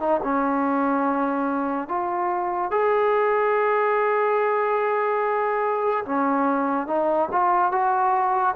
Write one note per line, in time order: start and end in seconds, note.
0.00 0.21 D#4
0.23 1.89 C#4
1.89 2.72 F4
2.72 6.05 G#4
6.06 6.87 C#4
6.87 7.29 D#4
7.32 7.72 F4
7.72 8.55 F#4